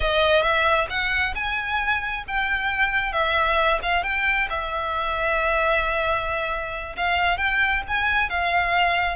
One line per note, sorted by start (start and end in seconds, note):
0.00 0.42 D#5
0.42 0.87 E5
0.89 1.34 F#5
1.34 2.24 G#5
2.27 3.12 G5
3.12 3.79 E5
3.82 4.03 F5
4.03 4.48 G5
4.49 6.95 E5
6.96 7.37 F5
7.37 7.82 G5
7.87 8.29 G#5
8.29 9.16 F5